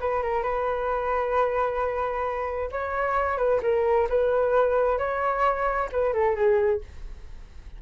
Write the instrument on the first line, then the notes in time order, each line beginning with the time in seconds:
flute
0.00 B4
0.22 A#4
0.42 B4
2.71 C#5
3.37 B4
3.62 A#4
4.09 B4
4.98 C#5
5.92 B4
6.13 A4
6.35 G#4